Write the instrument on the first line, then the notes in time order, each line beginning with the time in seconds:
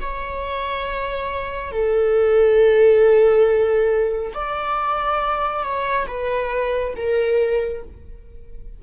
viola
0.00 C#5
1.71 A4
4.34 D5
5.63 C#5
6.07 B4
6.96 A#4